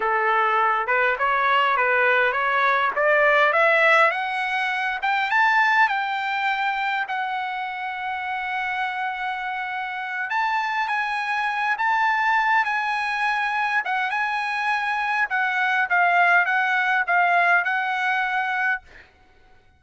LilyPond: \new Staff \with { instrumentName = "trumpet" } { \time 4/4 \tempo 4 = 102 a'4. b'8 cis''4 b'4 | cis''4 d''4 e''4 fis''4~ | fis''8 g''8 a''4 g''2 | fis''1~ |
fis''4. a''4 gis''4. | a''4. gis''2 fis''8 | gis''2 fis''4 f''4 | fis''4 f''4 fis''2 | }